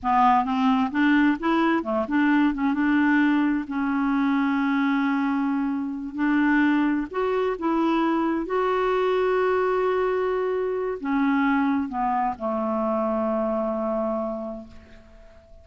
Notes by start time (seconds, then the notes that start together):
0.02 B3
0.44 C4
0.91 D4
1.39 E4
1.83 A3
2.08 D4
2.54 C#4
2.73 D4
3.67 C#4
6.15 D4
7.10 F#4
7.58 E4
8.46 F#4
11.00 C#4
11.88 B3
12.38 A3